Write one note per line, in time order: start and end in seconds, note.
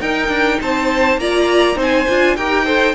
0.00 0.28 D#4
0.00 1.20 D#4
0.00 0.59 A#4
0.00 0.59 G5
0.28 0.57 D4
0.61 1.17 C4
0.61 1.19 C5
0.61 1.19 A5
1.17 1.75 A#3
1.17 1.75 F4
1.17 1.76 D5
1.17 1.78 A#5
1.75 2.05 C4
1.75 2.04 D#4
1.75 2.35 C5
1.81 2.36 G#5
2.08 2.37 D4
2.08 2.37 F4
2.36 2.94 D#4
2.36 2.65 G4
2.36 2.65 A#4
2.36 2.94 G5
2.65 2.94 A4
2.65 2.94 C5